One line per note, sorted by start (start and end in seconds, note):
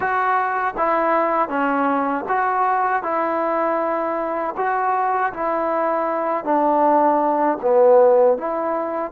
0.00 0.74 F#4
0.77 1.48 E4
1.48 2.24 C#4
2.28 3.02 F#4
3.02 4.54 E4
4.56 5.32 F#4
5.33 6.44 E4
6.44 7.58 D4
7.61 8.37 B3
8.37 9.11 E4